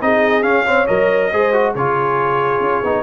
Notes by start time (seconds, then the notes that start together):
0.00 C4 D#4 G#4 D#5
0.43 C#4 F5
0.65 C4 C#5
0.87 F#3 A#4 D#5
1.31 G#3 G#4 C5
1.53 F#4
1.72 C#3 F4 G#4 C#5
2.60 C#4
2.83 B3 D#4